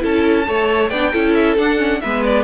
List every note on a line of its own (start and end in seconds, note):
0.00 0.48 C#4
0.00 0.44 E4
0.00 0.47 A4
0.00 0.89 A5
0.47 0.91 A3
0.47 0.91 A4
0.47 0.91 C#5
0.89 1.13 B3
0.89 1.13 D4
0.89 1.12 D5
0.89 1.34 G5
1.12 1.58 C#4
1.12 1.58 E4
1.12 2.01 A4
1.34 1.56 E5
1.58 2.02 D4
1.58 1.79 D4
1.58 2.02 F#5
1.79 2.01 C#4
2.02 2.44 G#3
2.02 2.44 B3
2.02 2.44 B4
2.02 2.24 E5
2.25 2.44 D5